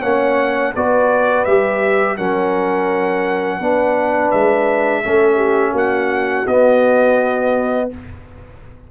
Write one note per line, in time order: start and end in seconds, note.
0.00 0.75 A#3
0.00 0.75 C#4
0.00 0.71 C#5
0.00 0.73 F#5
0.76 1.47 B3
0.76 1.47 F#4
0.76 2.18 B4
0.76 1.45 D5
1.45 2.18 G3
1.45 2.18 G4
1.45 2.17 E5
2.17 3.60 F#3
2.17 3.61 C#4
2.17 3.59 A#4
2.17 4.31 F#5
3.59 4.31 B3
3.59 5.04 D4
3.59 5.02 B4
4.31 5.05 G#3
4.31 5.74 E5
5.04 5.73 A3
5.04 6.47 C#4
5.04 5.36 A4
5.36 5.71 G4
5.71 6.44 A#3
5.71 7.85 F#4
5.77 6.47 F#5
6.47 7.90 B3
6.47 7.92 B3
6.47 7.90 D#5